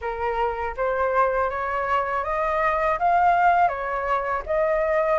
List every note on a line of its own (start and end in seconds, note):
0.01 0.75 A#4
0.76 1.49 C5
1.49 2.24 C#5
2.24 2.98 D#5
2.98 3.68 F5
3.68 4.42 C#5
4.46 5.19 D#5